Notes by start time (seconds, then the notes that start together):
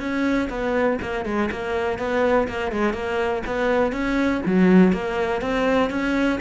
0.00 C#4
0.50 B3
1.02 A#3
1.25 G#3
1.52 A#3
1.99 B3
2.49 A#3
2.72 G#3
2.94 A#3
3.46 B3
3.93 C#4
4.46 F#3
4.93 A#3
5.42 C4
5.90 C#4